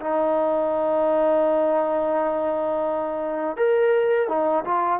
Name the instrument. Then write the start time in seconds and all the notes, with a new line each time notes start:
trombone
0.00 D#4
3.56 A#4
4.28 D#4
4.64 F4